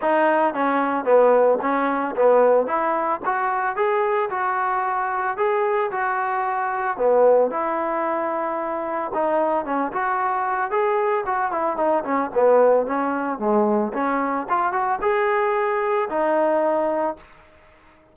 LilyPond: \new Staff \with { instrumentName = "trombone" } { \time 4/4 \tempo 4 = 112 dis'4 cis'4 b4 cis'4 | b4 e'4 fis'4 gis'4 | fis'2 gis'4 fis'4~ | fis'4 b4 e'2~ |
e'4 dis'4 cis'8 fis'4. | gis'4 fis'8 e'8 dis'8 cis'8 b4 | cis'4 gis4 cis'4 f'8 fis'8 | gis'2 dis'2 | }